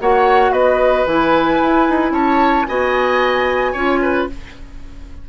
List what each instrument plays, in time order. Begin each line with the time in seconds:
0.00 bassoon A#3, clarinet F#4, oboe C#5, flute F#5
0.51 bassoon B3, oboe B4, flute D#5
1.06 bassoon E3, clarinet E4, flute G#5
1.61 bassoon E4
1.89 bassoon D#4
2.11 bassoon C#4, oboe C#5, flute A5
2.67 bassoon B3, clarinet F#4, oboe D#5, flute G#5
3.72 bassoon C#4, clarinet F4, oboe C#5
4.02 oboe B4